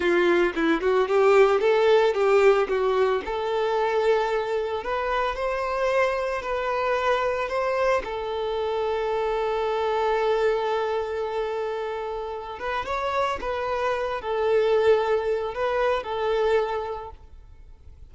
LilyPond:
\new Staff \with { instrumentName = "violin" } { \time 4/4 \tempo 4 = 112 f'4 e'8 fis'8 g'4 a'4 | g'4 fis'4 a'2~ | a'4 b'4 c''2 | b'2 c''4 a'4~ |
a'1~ | a'2.~ a'8 b'8 | cis''4 b'4. a'4.~ | a'4 b'4 a'2 | }